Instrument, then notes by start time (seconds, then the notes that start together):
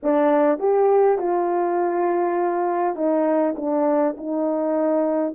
horn
0.02 D4
0.59 G4
1.18 F4
2.95 D#4
3.56 D4
4.17 D#4